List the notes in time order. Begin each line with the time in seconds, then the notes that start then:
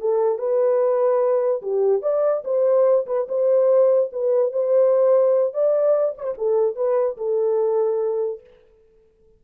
0.00 A4
0.38 B4
1.62 G4
2.02 D5
2.44 C5
3.06 B4
3.28 C5
4.12 B4
4.52 C5
5.53 D5
6.18 C5 C#5
6.37 A4
6.75 B4
7.17 A4